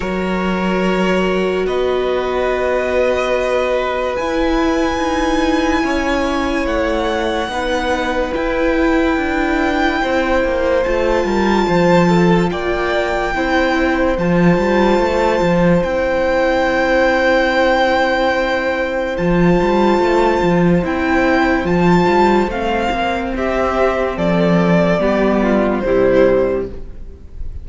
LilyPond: <<
  \new Staff \with { instrumentName = "violin" } { \time 4/4 \tempo 4 = 72 cis''2 dis''2~ | dis''4 gis''2. | fis''2 g''2~ | g''4 a''2 g''4~ |
g''4 a''2 g''4~ | g''2. a''4~ | a''4 g''4 a''4 f''4 | e''4 d''2 c''4 | }
  \new Staff \with { instrumentName = "violin" } { \time 4/4 ais'2 b'2~ | b'2. cis''4~ | cis''4 b'2. | c''4. ais'8 c''8 a'8 d''4 |
c''1~ | c''1~ | c''1 | g'4 a'4 g'8 f'8 e'4 | }
  \new Staff \with { instrumentName = "viola" } { \time 4/4 fis'1~ | fis'4 e'2.~ | e'4 dis'4 e'2~ | e'4 f'2. |
e'4 f'2 e'4~ | e'2. f'4~ | f'4 e'4 f'4 c'4~ | c'2 b4 g4 | }
  \new Staff \with { instrumentName = "cello" } { \time 4/4 fis2 b2~ | b4 e'4 dis'4 cis'4 | a4 b4 e'4 d'4 | c'8 ais8 a8 g8 f4 ais4 |
c'4 f8 g8 a8 f8 c'4~ | c'2. f8 g8 | a8 f8 c'4 f8 g8 a8 ais8 | c'4 f4 g4 c4 | }
>>